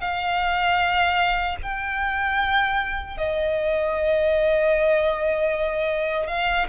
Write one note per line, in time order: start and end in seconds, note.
0.00 1.56 F5
1.62 3.17 G5
3.17 6.27 D#5
6.27 6.66 F5